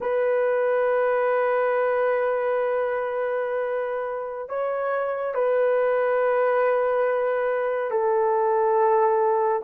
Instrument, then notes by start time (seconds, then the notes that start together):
horn
0.00 B4
4.48 C#5
5.34 B4
7.91 A4